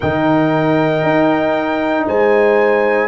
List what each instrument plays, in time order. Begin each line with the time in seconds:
0.00 tuba D#3, trombone D#4, horn A#4, trumpet G5
1.02 tuba D#4
2.06 tuba G#3, horn C5, trumpet G#5